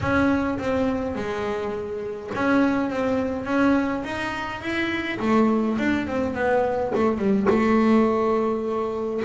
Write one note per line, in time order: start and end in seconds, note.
0.01 0.58 C#4
0.58 1.15 C4
1.15 2.30 G#3
2.34 2.90 C#4
2.90 3.45 C4
3.45 4.03 C#4
4.04 4.61 D#4
4.61 5.18 E4
5.19 5.77 A3
5.78 6.07 D4
6.07 6.34 C4
6.34 6.92 B3
6.94 7.17 A3
7.17 7.46 G3
7.49 9.22 A3